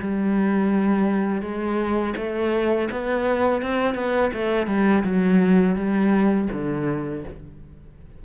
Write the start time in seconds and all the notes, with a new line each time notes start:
0.00 G3
1.42 G#3
2.17 A3
2.91 B3
3.62 C4
3.95 B3
4.33 A3
4.67 G3
5.03 F#3
5.75 G3
6.52 D3